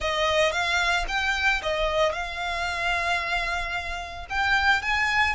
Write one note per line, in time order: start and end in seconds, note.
0.00 0.52 D#5
0.52 1.05 F5
1.08 1.61 G5
1.62 2.12 D#5
2.12 4.26 F5
4.29 4.82 G5
4.82 5.35 G#5